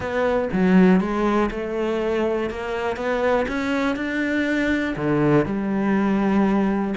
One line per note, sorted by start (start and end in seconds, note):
0.00 0.48 B3
0.52 1.00 F#3
1.00 1.49 G#3
1.50 2.50 A3
2.50 2.96 A#3
2.96 3.46 B3
3.47 3.96 C#4
3.96 4.95 D4
4.96 5.45 D3
5.45 6.94 G3